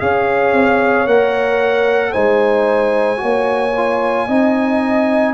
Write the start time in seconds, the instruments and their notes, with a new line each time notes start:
0.00 tuba C#4, trombone G#4, horn C#5, trumpet F5
0.52 tuba C4
1.06 tuba A#3, trombone A#4, trumpet F#5
2.12 tuba G#3, trombone D#4, horn C5, trumpet G#5
3.17 tuba A#3, trombone F#4, horn C#5
3.77 trombone F4
4.28 tuba C4, trombone D#4, horn D#5